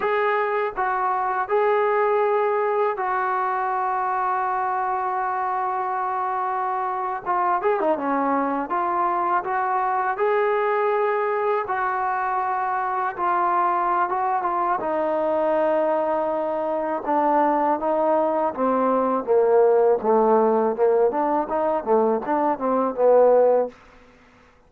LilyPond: \new Staff \with { instrumentName = "trombone" } { \time 4/4 \tempo 4 = 81 gis'4 fis'4 gis'2 | fis'1~ | fis'4.~ fis'16 f'8 gis'16 dis'16 cis'4 f'16~ | f'8. fis'4 gis'2 fis'16~ |
fis'4.~ fis'16 f'4~ f'16 fis'8 f'8 | dis'2. d'4 | dis'4 c'4 ais4 a4 | ais8 d'8 dis'8 a8 d'8 c'8 b4 | }